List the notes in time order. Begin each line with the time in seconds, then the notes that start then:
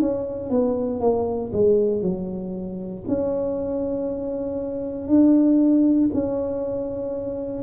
0.00 C#4
0.50 B3
1.01 A#3
1.53 G#3
2.02 F#3
3.08 C#4
5.08 D4
6.14 C#4